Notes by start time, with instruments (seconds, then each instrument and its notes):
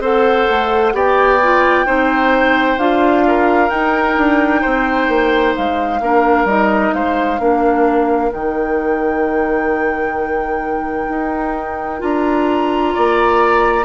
0.00 bassoon C4, clarinet A4, oboe C5, flute F#5
0.50 bassoon A3
0.93 bassoon B3, clarinet G4, oboe D5, flute G5
1.43 clarinet F4
1.86 bassoon C4, clarinet D#4, oboe C5
2.78 bassoon D4, clarinet F4, flute F5
3.28 oboe A#4
3.69 clarinet D#4, bassoon D#4, flute G5
4.17 bassoon D4
4.61 bassoon C4, oboe C5
5.08 bassoon A#3
5.56 bassoon G#3, flute F5
6.00 bassoon A#3, clarinet D4, oboe A#4
6.44 bassoon G3, clarinet D#4, flute D#5
6.94 bassoon G#3, oboe C5, flute F5
7.39 bassoon A#3, clarinet D4, oboe A#4
8.31 bassoon D#3, clarinet D#4, flute G5
11.09 bassoon D#4
11.99 bassoon D4, clarinet F4, flute A#5
12.93 bassoon A#3, oboe D5